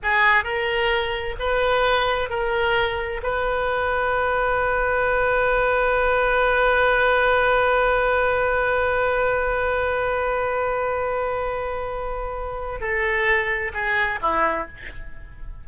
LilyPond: \new Staff \with { instrumentName = "oboe" } { \time 4/4 \tempo 4 = 131 gis'4 ais'2 b'4~ | b'4 ais'2 b'4~ | b'1~ | b'1~ |
b'1~ | b'1~ | b'1 | a'2 gis'4 e'4 | }